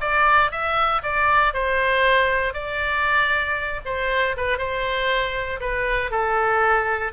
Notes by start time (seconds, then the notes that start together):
0.00 D5
0.51 E5
1.02 D5
1.53 C5
2.53 D5
3.85 C5
4.36 B4
4.58 C5
5.60 B4
6.10 A4